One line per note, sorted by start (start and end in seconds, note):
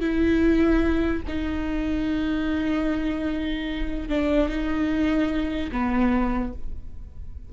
0.00 1.22 E4
1.28 4.09 D#4
4.09 4.49 D4
4.49 5.71 D#4
5.72 6.53 B3